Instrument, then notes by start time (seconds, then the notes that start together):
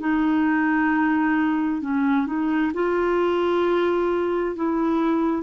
clarinet
0.00 D#4
1.81 C#4
2.26 D#4
2.74 F4
4.56 E4